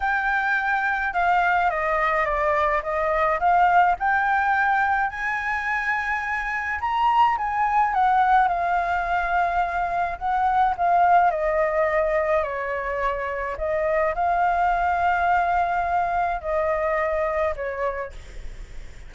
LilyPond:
\new Staff \with { instrumentName = "flute" } { \time 4/4 \tempo 4 = 106 g''2 f''4 dis''4 | d''4 dis''4 f''4 g''4~ | g''4 gis''2. | ais''4 gis''4 fis''4 f''4~ |
f''2 fis''4 f''4 | dis''2 cis''2 | dis''4 f''2.~ | f''4 dis''2 cis''4 | }